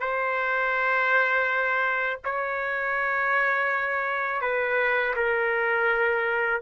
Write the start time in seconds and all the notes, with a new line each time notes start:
0.00 C5
2.25 C#5
4.41 B4
5.16 A#4